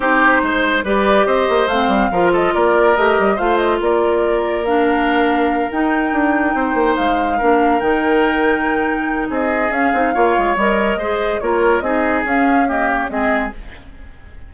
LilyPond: <<
  \new Staff \with { instrumentName = "flute" } { \time 4/4 \tempo 4 = 142 c''2 d''4 dis''4 | f''4. dis''8 d''4 dis''4 | f''8 dis''8 d''2 f''4~ | f''4. g''2~ g''8~ |
g''8 f''2 g''4.~ | g''2 dis''4 f''4~ | f''4 dis''2 cis''4 | dis''4 f''4 dis''8 cis''8 dis''4 | }
  \new Staff \with { instrumentName = "oboe" } { \time 4/4 g'4 c''4 b'4 c''4~ | c''4 ais'8 a'8 ais'2 | c''4 ais'2.~ | ais'2.~ ais'8 c''8~ |
c''4. ais'2~ ais'8~ | ais'2 gis'2 | cis''2 c''4 ais'4 | gis'2 g'4 gis'4 | }
  \new Staff \with { instrumentName = "clarinet" } { \time 4/4 dis'2 g'2 | c'4 f'2 g'4 | f'2. d'4~ | d'4. dis'2~ dis'8~ |
dis'4. d'4 dis'4.~ | dis'2. cis'8 dis'8 | f'4 ais'4 gis'4 f'4 | dis'4 cis'4 ais4 c'4 | }
  \new Staff \with { instrumentName = "bassoon" } { \time 4/4 c'4 gis4 g4 c'8 ais8 | a8 g8 f4 ais4 a8 g8 | a4 ais2.~ | ais4. dis'4 d'4 c'8 |
ais8 gis4 ais4 dis4.~ | dis2 c'4 cis'8 c'8 | ais8 gis8 g4 gis4 ais4 | c'4 cis'2 gis4 | }
>>